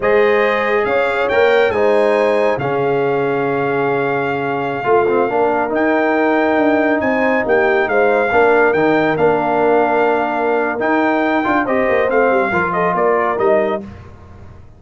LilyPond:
<<
  \new Staff \with { instrumentName = "trumpet" } { \time 4/4 \tempo 4 = 139 dis''2 f''4 g''4 | gis''2 f''2~ | f''1~ | f''4~ f''16 g''2~ g''8.~ |
g''16 gis''4 g''4 f''4.~ f''16~ | f''16 g''4 f''2~ f''8.~ | f''4 g''2 dis''4 | f''4. dis''8 d''4 dis''4 | }
  \new Staff \with { instrumentName = "horn" } { \time 4/4 c''2 cis''2 | c''2 gis'2~ | gis'2.~ gis'16 f'8.~ | f'16 ais'2.~ ais'8.~ |
ais'16 c''4 g'4 c''4 ais'8.~ | ais'1~ | ais'2. c''4~ | c''4 ais'8 a'8 ais'2 | }
  \new Staff \with { instrumentName = "trombone" } { \time 4/4 gis'2. ais'4 | dis'2 cis'2~ | cis'2.~ cis'16 f'8 c'16~ | c'16 d'4 dis'2~ dis'8.~ |
dis'2.~ dis'16 d'8.~ | d'16 dis'4 d'2~ d'8.~ | d'4 dis'4. f'8 g'4 | c'4 f'2 dis'4 | }
  \new Staff \with { instrumentName = "tuba" } { \time 4/4 gis2 cis'4 ais4 | gis2 cis2~ | cis2.~ cis16 a8.~ | a16 ais4 dis'2 d'8.~ |
d'16 c'4 ais4 gis4 ais8.~ | ais16 dis4 ais2~ ais8.~ | ais4 dis'4. d'8 c'8 ais8 | a8 g8 f4 ais4 g4 | }
>>